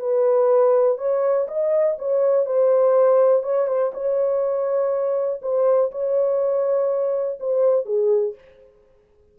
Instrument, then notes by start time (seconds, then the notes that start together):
horn
0.00 B4
0.98 C#5
1.48 D#5
1.99 C#5
2.46 C5
3.43 C#5
3.67 C5
3.94 C#5
5.42 C5
5.91 C#5
7.40 C5
7.85 G#4